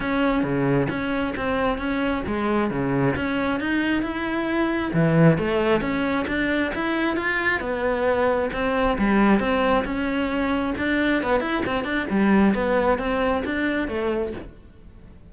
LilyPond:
\new Staff \with { instrumentName = "cello" } { \time 4/4 \tempo 4 = 134 cis'4 cis4 cis'4 c'4 | cis'4 gis4 cis4 cis'4 | dis'4 e'2 e4 | a4 cis'4 d'4 e'4 |
f'4 b2 c'4 | g4 c'4 cis'2 | d'4 b8 e'8 c'8 d'8 g4 | b4 c'4 d'4 a4 | }